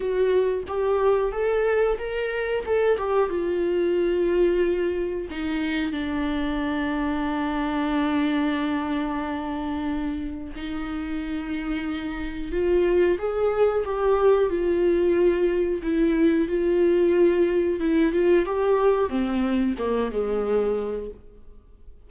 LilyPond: \new Staff \with { instrumentName = "viola" } { \time 4/4 \tempo 4 = 91 fis'4 g'4 a'4 ais'4 | a'8 g'8 f'2. | dis'4 d'2.~ | d'1 |
dis'2. f'4 | gis'4 g'4 f'2 | e'4 f'2 e'8 f'8 | g'4 c'4 ais8 gis4. | }